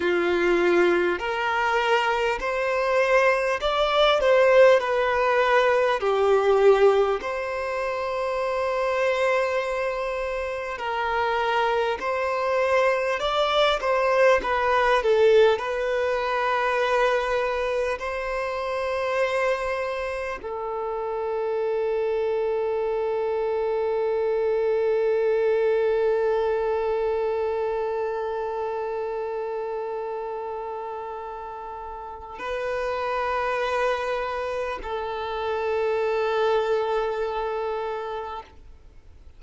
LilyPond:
\new Staff \with { instrumentName = "violin" } { \time 4/4 \tempo 4 = 50 f'4 ais'4 c''4 d''8 c''8 | b'4 g'4 c''2~ | c''4 ais'4 c''4 d''8 c''8 | b'8 a'8 b'2 c''4~ |
c''4 a'2.~ | a'1~ | a'2. b'4~ | b'4 a'2. | }